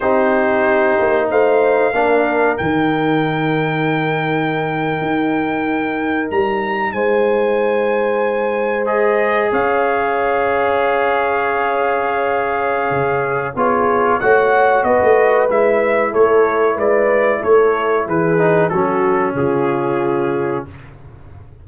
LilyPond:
<<
  \new Staff \with { instrumentName = "trumpet" } { \time 4/4 \tempo 4 = 93 c''2 f''2 | g''1~ | g''4.~ g''16 ais''4 gis''4~ gis''16~ | gis''4.~ gis''16 dis''4 f''4~ f''16~ |
f''1~ | f''4 cis''4 fis''4 dis''4 | e''4 cis''4 d''4 cis''4 | b'4 a'4 gis'2 | }
  \new Staff \with { instrumentName = "horn" } { \time 4/4 g'2 c''4 ais'4~ | ais'1~ | ais'2~ ais'8. c''4~ c''16~ | c''2~ c''8. cis''4~ cis''16~ |
cis''1~ | cis''4 gis'4 cis''4 b'4~ | b'4 a'4 b'4 a'4 | gis'4 fis'4 f'2 | }
  \new Staff \with { instrumentName = "trombone" } { \time 4/4 dis'2. d'4 | dis'1~ | dis'1~ | dis'4.~ dis'16 gis'2~ gis'16~ |
gis'1~ | gis'4 f'4 fis'2 | e'1~ | e'8 dis'8 cis'2. | }
  \new Staff \with { instrumentName = "tuba" } { \time 4/4 c'4. ais8 a4 ais4 | dis2.~ dis8. dis'16~ | dis'4.~ dis'16 g4 gis4~ gis16~ | gis2~ gis8. cis'4~ cis'16~ |
cis'1 | cis4 b4 a4 b16 a8. | gis4 a4 gis4 a4 | e4 fis4 cis2 | }
>>